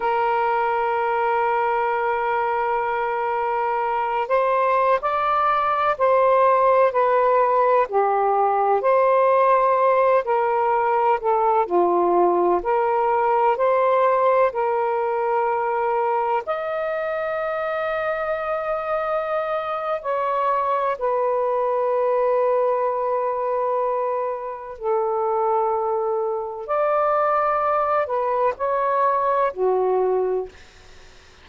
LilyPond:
\new Staff \with { instrumentName = "saxophone" } { \time 4/4 \tempo 4 = 63 ais'1~ | ais'8 c''8. d''4 c''4 b'8.~ | b'16 g'4 c''4. ais'4 a'16~ | a'16 f'4 ais'4 c''4 ais'8.~ |
ais'4~ ais'16 dis''2~ dis''8.~ | dis''4 cis''4 b'2~ | b'2 a'2 | d''4. b'8 cis''4 fis'4 | }